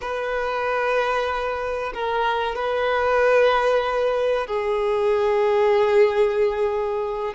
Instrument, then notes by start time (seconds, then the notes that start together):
violin
0.01 B4
1.94 A#4
2.55 B4
4.47 G#4